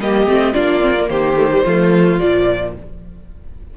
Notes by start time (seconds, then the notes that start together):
0.00 G3 A#3 G4 D#5
0.26 A3 C4
0.54 A#3 D4 F4 D5
0.81 C4
1.00 A#3
1.09 D#3 G4 C5
1.37 A3
1.52 G3
1.64 F3 A3 F4
2.19 A#2 F3 D5